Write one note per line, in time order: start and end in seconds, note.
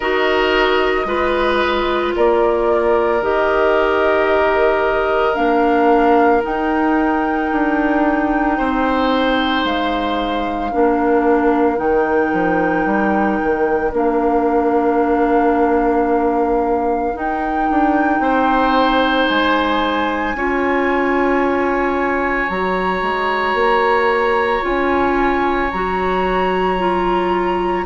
0.00 1.05 D#4
0.00 1.06 F#4
0.00 1.06 A#4
0.00 2.13 D#5
1.05 2.12 G#3
1.05 3.20 F4
1.05 2.14 B4
2.15 3.21 A#3
2.15 8.57 A#4
2.15 3.23 D5
3.21 5.35 D#3
3.21 5.34 G4
3.21 5.34 D#5
5.34 6.43 A#3
5.34 6.41 D4
5.34 6.41 F5
6.41 10.70 D#4
6.41 7.51 D#4
6.41 9.64 G5
7.51 8.58 D4
8.57 9.64 C4
8.57 10.71 C5
9.64 10.71 G#3
9.64 11.77 F5
10.71 11.79 A#3
10.71 11.76 D4
10.71 18.21 A#4
11.76 12.32 D#3
11.76 13.90 D#4
11.76 13.92 G5
12.33 12.85 F3
12.85 13.39 G3
13.42 13.92 D#3
13.92 17.14 A#3
13.92 17.13 D4
13.92 17.17 F5
17.13 20.34 D#4
17.13 17.69 D#4
17.13 19.28 G5
17.69 18.19 D4
18.19 19.26 C4
18.19 20.36 C5
19.28 20.33 G#3
19.28 22.49 G#5
20.33 22.48 C#4
20.33 22.49 F4
20.33 27.86 C#5
22.49 23.02 F#3
22.49 24.62 F#4
22.49 24.63 A#5
23.02 23.54 G#3
23.54 24.61 A#3
24.62 25.71 C#4
24.62 25.69 F4
24.62 25.71 G#5
25.71 27.86 F#3
25.71 26.78 F#4
25.71 27.85 A#5
26.78 27.85 F4